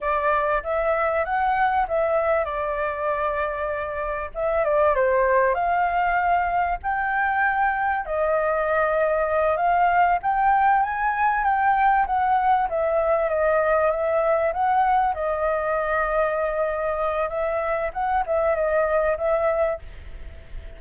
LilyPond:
\new Staff \with { instrumentName = "flute" } { \time 4/4 \tempo 4 = 97 d''4 e''4 fis''4 e''4 | d''2. e''8 d''8 | c''4 f''2 g''4~ | g''4 dis''2~ dis''8 f''8~ |
f''8 g''4 gis''4 g''4 fis''8~ | fis''8 e''4 dis''4 e''4 fis''8~ | fis''8 dis''2.~ dis''8 | e''4 fis''8 e''8 dis''4 e''4 | }